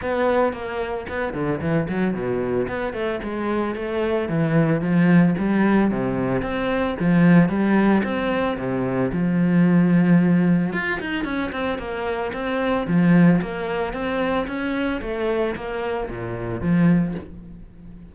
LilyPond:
\new Staff \with { instrumentName = "cello" } { \time 4/4 \tempo 4 = 112 b4 ais4 b8 d8 e8 fis8 | b,4 b8 a8 gis4 a4 | e4 f4 g4 c4 | c'4 f4 g4 c'4 |
c4 f2. | f'8 dis'8 cis'8 c'8 ais4 c'4 | f4 ais4 c'4 cis'4 | a4 ais4 ais,4 f4 | }